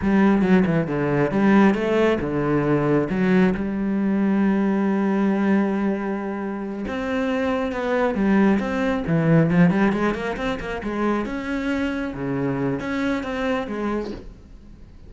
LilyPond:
\new Staff \with { instrumentName = "cello" } { \time 4/4 \tempo 4 = 136 g4 fis8 e8 d4 g4 | a4 d2 fis4 | g1~ | g2.~ g8 c'8~ |
c'4. b4 g4 c'8~ | c'8 e4 f8 g8 gis8 ais8 c'8 | ais8 gis4 cis'2 cis8~ | cis4 cis'4 c'4 gis4 | }